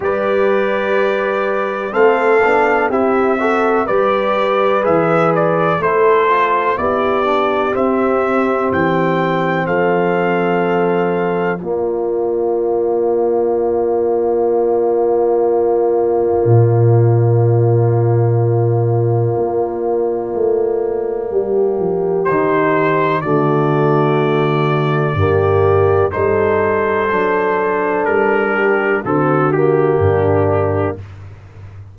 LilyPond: <<
  \new Staff \with { instrumentName = "trumpet" } { \time 4/4 \tempo 4 = 62 d''2 f''4 e''4 | d''4 e''8 d''8 c''4 d''4 | e''4 g''4 f''2 | d''1~ |
d''1~ | d''2. c''4 | d''2. c''4~ | c''4 ais'4 a'8 g'4. | }
  \new Staff \with { instrumentName = "horn" } { \time 4/4 b'2 a'4 g'8 a'8 | b'2 a'4 g'4~ | g'2 a'2 | f'1~ |
f'1~ | f'2 g'2 | fis'2 g'4 a'4~ | a'4. g'8 fis'4 d'4 | }
  \new Staff \with { instrumentName = "trombone" } { \time 4/4 g'2 c'8 d'8 e'8 fis'8 | g'4 gis'4 e'8 f'8 e'8 d'8 | c'1 | ais1~ |
ais1~ | ais2. dis'4 | a2 ais4 dis'4 | d'2 c'8 ais4. | }
  \new Staff \with { instrumentName = "tuba" } { \time 4/4 g2 a8 b8 c'4 | g4 e4 a4 b4 | c'4 e4 f2 | ais1~ |
ais4 ais,2. | ais4 a4 g8 f8 dis4 | d2 g,4 g4 | fis4 g4 d4 g,4 | }
>>